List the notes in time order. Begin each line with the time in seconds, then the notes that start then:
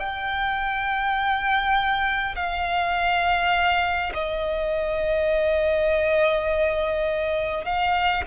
0.00 G5
2.36 F5
4.14 D#5
7.65 F5